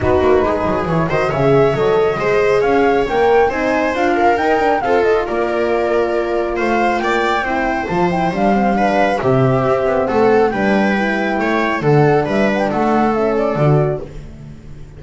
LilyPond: <<
  \new Staff \with { instrumentName = "flute" } { \time 4/4 \tempo 4 = 137 b'2 cis''8 dis''8 e''4 | dis''2 f''4 g''4 | gis''4 f''4 g''4 f''8 dis''8 | d''2. f''4 |
g''2 a''8 g''8 f''4~ | f''4 e''2 fis''4 | g''2. fis''4 | e''8 fis''16 g''16 fis''4 e''8 d''4. | }
  \new Staff \with { instrumentName = "viola" } { \time 4/4 fis'4 gis'4. c''8 cis''4~ | cis''4 c''4 cis''2 | c''4. ais'4. a'4 | ais'2. c''4 |
d''4 c''2. | b'4 g'2 a'4 | b'2 cis''4 a'4 | b'4 a'2. | }
  \new Staff \with { instrumentName = "horn" } { \time 4/4 dis'2 e'8 fis'8 gis'4 | a'4 gis'2 ais'4 | dis'4 f'4 dis'8 d'8 c'8 f'8~ | f'1~ |
f'4 e'4 f'8 e'8 d'8 c'8 | d'4 c'2. | d'4 e'2 d'4~ | d'2 cis'4 fis'4 | }
  \new Staff \with { instrumentName = "double bass" } { \time 4/4 b8 ais8 gis8 fis8 e8 dis8 cis4 | fis4 gis4 cis'4 ais4 | c'4 d'4 dis'4 f'4 | ais2. a4 |
ais4 c'4 f4 g4~ | g4 c4 c'8 b8 a4 | g2 a4 d4 | g4 a2 d4 | }
>>